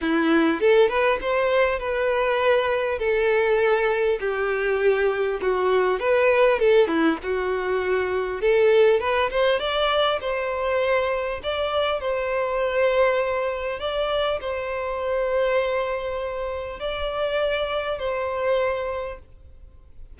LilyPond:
\new Staff \with { instrumentName = "violin" } { \time 4/4 \tempo 4 = 100 e'4 a'8 b'8 c''4 b'4~ | b'4 a'2 g'4~ | g'4 fis'4 b'4 a'8 e'8 | fis'2 a'4 b'8 c''8 |
d''4 c''2 d''4 | c''2. d''4 | c''1 | d''2 c''2 | }